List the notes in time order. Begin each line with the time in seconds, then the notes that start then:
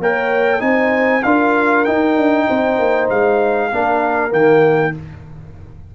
0.00 A#3 A#4 C#5 G5
0.59 C4 D#4 C5 G#5
1.23 D4 F4 A#4 F5
1.85 D#4 G5
2.17 D4
2.47 C4 C5
2.79 A#3
3.10 G#3 F5
3.71 A#3 D4 A#4
4.30 D#3 A#3 G5